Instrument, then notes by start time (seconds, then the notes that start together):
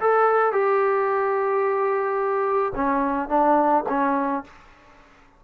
trombone
0.00 A4
0.53 G4
2.75 C#4
3.29 D4
3.89 C#4